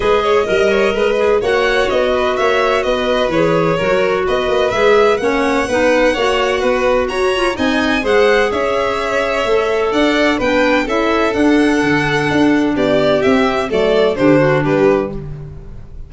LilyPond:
<<
  \new Staff \with { instrumentName = "violin" } { \time 4/4 \tempo 4 = 127 dis''2. fis''4 | dis''4 e''4 dis''4 cis''4~ | cis''4 dis''4 e''4 fis''4~ | fis''2. ais''4 |
gis''4 fis''4 e''2~ | e''4 fis''4 g''4 e''4 | fis''2. d''4 | e''4 d''4 c''4 b'4 | }
  \new Staff \with { instrumentName = "violin" } { \time 4/4 b'8 cis''8 dis''8 cis''8 b'4 cis''4~ | cis''8 b'8 cis''4 b'2 | ais'4 b'2 cis''4 | b'4 cis''4 b'4 cis''4 |
dis''4 c''4 cis''2~ | cis''4 d''4 b'4 a'4~ | a'2. g'4~ | g'4 a'4 g'8 fis'8 g'4 | }
  \new Staff \with { instrumentName = "clarinet" } { \time 4/4 gis'4 ais'4. gis'8 fis'4~ | fis'2. gis'4 | fis'2 gis'4 cis'4 | dis'4 fis'2~ fis'8 f'8 |
dis'4 gis'2. | a'2 d'4 e'4 | d'1 | c'4 a4 d'2 | }
  \new Staff \with { instrumentName = "tuba" } { \time 4/4 gis4 g4 gis4 ais4 | b4 ais4 b4 e4 | fis4 b8 ais8 gis4 ais4 | b4 ais4 b4 fis'4 |
c'4 gis4 cis'2 | a4 d'4 b4 cis'4 | d'4 d4 d'4 b4 | c'4 fis4 d4 g4 | }
>>